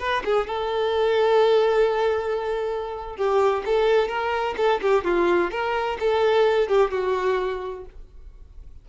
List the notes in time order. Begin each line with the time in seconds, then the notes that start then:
0.00 B4
0.25 G#4
0.47 A4
3.17 G4
3.66 A4
4.08 A#4
4.57 A4
4.82 G4
5.05 F4
5.51 A#4
6.00 A4
6.69 G4
6.92 F#4